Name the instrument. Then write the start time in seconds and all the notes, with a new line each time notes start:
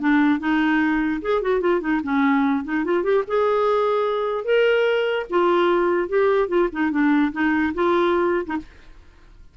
clarinet
0.00 D4
0.40 D#4
1.22 G#4
1.42 F#4
1.61 F4
1.81 D#4
2.04 C#4
2.64 D#4
2.85 F4
3.04 G4
3.27 G#4
4.45 A#4
5.30 F4
6.09 G4
6.48 F4
6.73 D#4
6.91 D4
7.33 D#4
7.75 F4
8.47 D#4